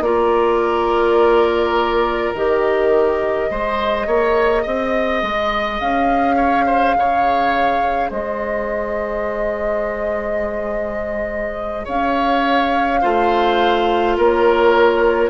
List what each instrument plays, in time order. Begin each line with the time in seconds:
0.00 bassoon A#3, clarinet F4, oboe A#4, flute D5
2.34 bassoon D#3, clarinet G4, flute D#5
3.50 bassoon G#3, clarinet G#4, oboe C5
4.06 bassoon A#3, oboe C#5
4.62 bassoon C4, oboe D#5
5.22 bassoon G#3
5.79 bassoon C#4, flute F5
6.36 oboe C#5
6.66 oboe C5
6.95 bassoon C#3, oboe C#5
8.09 bassoon G#3, oboe C5, flute D#5
11.84 bassoon C#4, oboe C#5, flute F5
13.01 bassoon A3, clarinet F4, oboe C5
14.17 bassoon A#3, oboe A#4, flute C#5